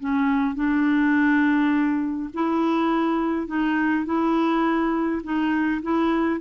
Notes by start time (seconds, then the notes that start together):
0.00 C#4
0.55 D4
2.34 E4
3.47 D#4
4.05 E4
5.23 D#4
5.83 E4